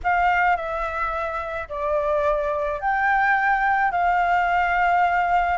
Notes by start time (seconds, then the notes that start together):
0.03 F5
0.56 E5
1.68 D5
2.80 G5
3.91 F5